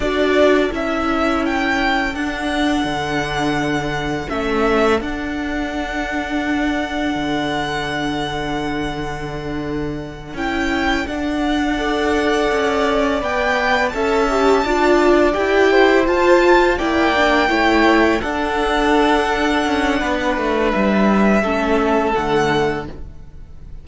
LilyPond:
<<
  \new Staff \with { instrumentName = "violin" } { \time 4/4 \tempo 4 = 84 d''4 e''4 g''4 fis''4~ | fis''2 e''4 fis''4~ | fis''1~ | fis''2~ fis''8 g''4 fis''8~ |
fis''2~ fis''8 g''4 a''8~ | a''4. g''4 a''4 g''8~ | g''4. fis''2~ fis''8~ | fis''4 e''2 fis''4 | }
  \new Staff \with { instrumentName = "violin" } { \time 4/4 a'1~ | a'1~ | a'1~ | a'1~ |
a'8 d''2. e''8~ | e''8 d''4. c''4. d''8~ | d''8 cis''4 a'2~ a'8 | b'2 a'2 | }
  \new Staff \with { instrumentName = "viola" } { \time 4/4 fis'4 e'2 d'4~ | d'2 cis'4 d'4~ | d'1~ | d'2~ d'8 e'4 d'8~ |
d'8 a'2 b'4 a'8 | g'8 f'4 g'4 f'4 e'8 | d'8 e'4 d'2~ d'8~ | d'2 cis'4 a4 | }
  \new Staff \with { instrumentName = "cello" } { \time 4/4 d'4 cis'2 d'4 | d2 a4 d'4~ | d'2 d2~ | d2~ d8 cis'4 d'8~ |
d'4. cis'4 b4 cis'8~ | cis'8 d'4 e'4 f'4 ais8~ | ais8 a4 d'2 cis'8 | b8 a8 g4 a4 d4 | }
>>